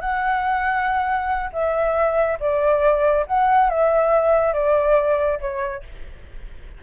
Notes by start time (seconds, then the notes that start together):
0.00 F#5
1.53 E5
2.40 D5
3.26 F#5
3.69 E5
4.53 D5
5.40 C#5